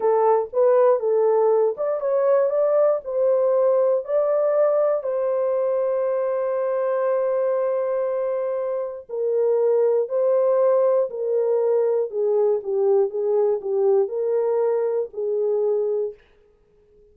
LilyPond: \new Staff \with { instrumentName = "horn" } { \time 4/4 \tempo 4 = 119 a'4 b'4 a'4. d''8 | cis''4 d''4 c''2 | d''2 c''2~ | c''1~ |
c''2 ais'2 | c''2 ais'2 | gis'4 g'4 gis'4 g'4 | ais'2 gis'2 | }